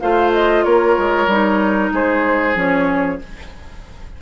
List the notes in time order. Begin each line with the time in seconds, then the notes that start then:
0.00 A3 F4 C5 F5
0.33 D#5
0.64 A#3 A#4 C#5
0.98 G#3
1.27 G3 D#4
1.93 G#3 G#4 C5
2.55 F3 C#4 C#5